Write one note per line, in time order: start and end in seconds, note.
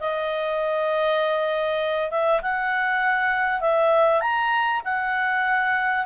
0.00 2.11 D#5
2.11 2.41 E5
2.42 3.61 F#5
3.61 4.21 E5
4.21 4.81 A#5
4.85 6.06 F#5